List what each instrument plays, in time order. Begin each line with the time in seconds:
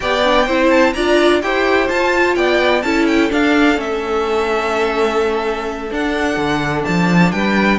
0.00 cello B3, viola G4, violin D5 G5
0.23 viola D4
0.45 cello C4, viola E4, violin C5
0.70 violin A5
0.93 cello D4, viola F4, violin D5 A#5
1.42 cello E4, viola G4, violin C5 G5
1.88 viola F4, cello F4, violin A5
2.35 cello B3, violin D5 G5
2.81 cello C#4, viola E4, violin A4 A5
3.06 violin G5
3.29 viola D4, cello D4, violin F5
3.76 cello A3, viola C#4, violin E5
5.91 viola D4, cello D4, violin F#5
6.37 cello D3
6.84 cello F3, violin A5
7.31 cello G3, violin B4 G5